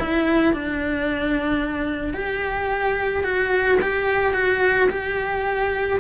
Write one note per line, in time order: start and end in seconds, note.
0.00 0.54 E4
0.54 2.14 D4
2.14 3.24 G4
3.24 3.79 F#4
3.82 4.34 G4
4.34 4.89 F#4
4.90 6.00 G4